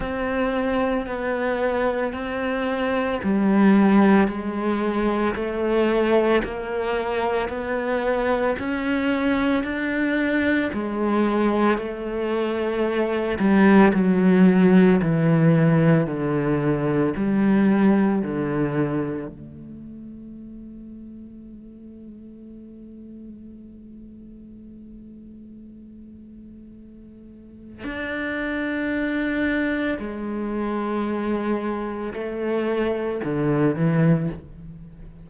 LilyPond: \new Staff \with { instrumentName = "cello" } { \time 4/4 \tempo 4 = 56 c'4 b4 c'4 g4 | gis4 a4 ais4 b4 | cis'4 d'4 gis4 a4~ | a8 g8 fis4 e4 d4 |
g4 d4 a2~ | a1~ | a2 d'2 | gis2 a4 d8 e8 | }